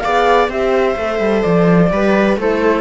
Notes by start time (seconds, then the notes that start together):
0.00 B3 G#4 D5 F5
0.49 C4 G4 C5 E5
0.97 A3 A4
1.20 G3
1.43 F3 D5
1.91 G3 G4 B4
2.37 A3 E4 A4 C5